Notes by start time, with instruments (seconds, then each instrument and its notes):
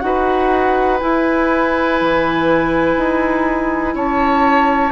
0.00 bassoon D#4, clarinet F#4, flute F#5
0.06 oboe B4
1.00 clarinet E4, bassoon E4, flute G#5
2.01 bassoon E3
2.97 bassoon D#4
3.95 bassoon C#4, oboe C#5, flute A5